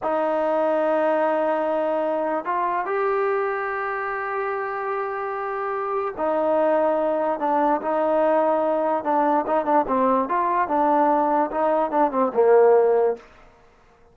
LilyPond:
\new Staff \with { instrumentName = "trombone" } { \time 4/4 \tempo 4 = 146 dis'1~ | dis'2 f'4 g'4~ | g'1~ | g'2. dis'4~ |
dis'2 d'4 dis'4~ | dis'2 d'4 dis'8 d'8 | c'4 f'4 d'2 | dis'4 d'8 c'8 ais2 | }